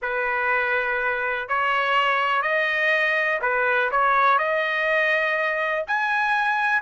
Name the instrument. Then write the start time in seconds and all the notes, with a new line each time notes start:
trumpet
0.02 B4
1.48 C#5
2.42 D#5
3.41 B4
3.91 C#5
4.38 D#5
5.87 G#5